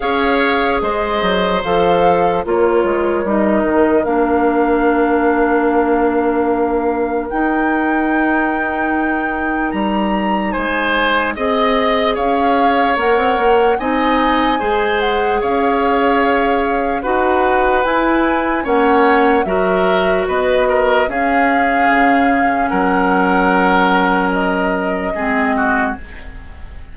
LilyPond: <<
  \new Staff \with { instrumentName = "flute" } { \time 4/4 \tempo 4 = 74 f''4 dis''4 f''4 cis''4 | dis''4 f''2.~ | f''4 g''2. | ais''4 gis''4 dis''4 f''4 |
fis''4 gis''4. fis''8 f''4~ | f''4 fis''4 gis''4 fis''4 | e''4 dis''4 f''2 | fis''2 dis''2 | }
  \new Staff \with { instrumentName = "oboe" } { \time 4/4 cis''4 c''2 ais'4~ | ais'1~ | ais'1~ | ais'4 c''4 dis''4 cis''4~ |
cis''4 dis''4 c''4 cis''4~ | cis''4 b'2 cis''4 | ais'4 b'8 ais'8 gis'2 | ais'2. gis'8 fis'8 | }
  \new Staff \with { instrumentName = "clarinet" } { \time 4/4 gis'2 a'4 f'4 | dis'4 d'2.~ | d'4 dis'2.~ | dis'2 gis'2 |
ais'4 dis'4 gis'2~ | gis'4 fis'4 e'4 cis'4 | fis'2 cis'2~ | cis'2. c'4 | }
  \new Staff \with { instrumentName = "bassoon" } { \time 4/4 cis'4 gis8 fis8 f4 ais8 gis8 | g8 dis8 ais2.~ | ais4 dis'2. | g4 gis4 c'4 cis'4 |
ais16 c'16 ais8 c'4 gis4 cis'4~ | cis'4 dis'4 e'4 ais4 | fis4 b4 cis'4 cis4 | fis2. gis4 | }
>>